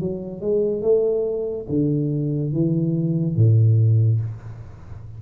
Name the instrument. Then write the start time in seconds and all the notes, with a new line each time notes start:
tuba
0.00 F#3
0.41 G#3
0.82 A3
1.69 D3
2.53 E3
3.36 A2